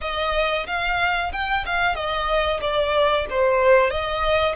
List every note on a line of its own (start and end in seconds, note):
0.01 0.66 D#5
0.66 1.32 F5
1.32 1.65 G5
1.65 1.95 F5
1.95 2.60 D#5
2.61 3.26 D5
3.29 3.90 C5
3.90 4.55 D#5